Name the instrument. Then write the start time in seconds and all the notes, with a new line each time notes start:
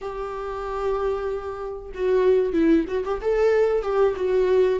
viola
0.01 G4
1.94 F#4
2.53 E4
2.88 F#4
3.05 G4
3.21 A4
3.82 G4
4.16 F#4